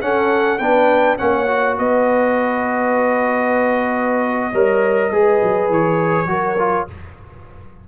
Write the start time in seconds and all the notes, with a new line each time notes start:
0.00 C#4 A4 F#5
0.58 B3 D4 B4 G5
1.17 A#3 C#4 C#5 F#5
1.47 F#4
1.78 B3 B4 D#5
4.52 G3 A#4 C#5
5.11 G#3 G#4 B4
5.42 F#3
5.69 E3 C#5
6.25 F#3 F#4 A#4
6.58 F4